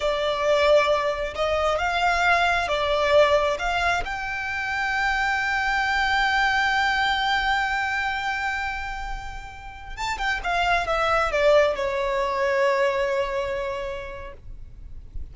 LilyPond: \new Staff \with { instrumentName = "violin" } { \time 4/4 \tempo 4 = 134 d''2. dis''4 | f''2 d''2 | f''4 g''2.~ | g''1~ |
g''1~ | g''2~ g''16 a''8 g''8 f''8.~ | f''16 e''4 d''4 cis''4.~ cis''16~ | cis''1 | }